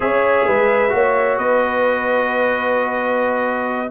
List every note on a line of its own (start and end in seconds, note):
0.00 0.45 C#4
0.00 0.89 G#4
0.00 0.47 C#5
0.00 1.38 E5
0.47 0.93 G#3
0.47 0.93 B4
0.89 1.37 A#3
0.89 3.89 F#4
0.89 1.38 C#5
1.37 3.90 B3
1.37 3.90 B4
1.37 3.90 D#5